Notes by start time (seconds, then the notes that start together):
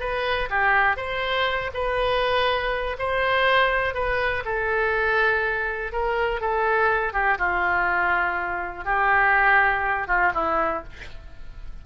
0.00 B4
0.50 G4
0.97 C5
1.74 B4
2.99 C5
3.95 B4
4.45 A4
5.92 A#4
6.41 A4
7.14 G4
7.38 F4
8.85 G4
10.08 F4
10.35 E4